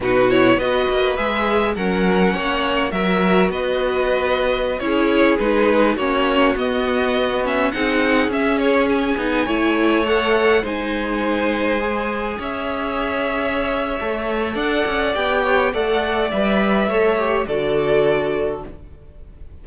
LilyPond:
<<
  \new Staff \with { instrumentName = "violin" } { \time 4/4 \tempo 4 = 103 b'8 cis''8 dis''4 e''4 fis''4~ | fis''4 e''4 dis''2~ | dis''16 cis''4 b'4 cis''4 dis''8.~ | dis''8. e''8 fis''4 e''8 cis''8 gis''8.~ |
gis''4~ gis''16 fis''4 gis''4.~ gis''16~ | gis''4~ gis''16 e''2~ e''8.~ | e''4 fis''4 g''4 fis''4 | e''2 d''2 | }
  \new Staff \with { instrumentName = "violin" } { \time 4/4 fis'4 b'2 ais'4 | cis''4 ais'4 b'2~ | b'16 gis'2 fis'4.~ fis'16~ | fis'4~ fis'16 gis'2~ gis'8.~ |
gis'16 cis''2 c''4.~ c''16~ | c''4~ c''16 cis''2~ cis''8.~ | cis''4 d''4. cis''8 d''4~ | d''4 cis''4 a'2 | }
  \new Staff \with { instrumentName = "viola" } { \time 4/4 dis'8 e'8 fis'4 gis'4 cis'4~ | cis'4 fis'2.~ | fis'16 e'4 dis'4 cis'4 b8.~ | b8. cis'8 dis'4 cis'4. dis'16~ |
dis'16 e'4 a'4 dis'4.~ dis'16~ | dis'16 gis'2.~ gis'8. | a'2 g'4 a'4 | b'4 a'8 g'8 fis'2 | }
  \new Staff \with { instrumentName = "cello" } { \time 4/4 b,4 b8 ais8 gis4 fis4 | ais4 fis4 b2~ | b16 cis'4 gis4 ais4 b8.~ | b4~ b16 c'4 cis'4. b16~ |
b16 a2 gis4.~ gis16~ | gis4~ gis16 cis'2~ cis'8. | a4 d'8 cis'8 b4 a4 | g4 a4 d2 | }
>>